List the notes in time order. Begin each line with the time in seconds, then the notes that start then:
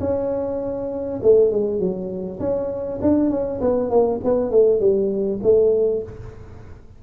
0.00 C#4
1.22 A3
1.51 G#3
1.79 F#3
2.40 C#4
3.01 D4
3.30 C#4
3.61 B3
3.90 A#3
4.24 B3
4.51 A3
4.80 G3
5.43 A3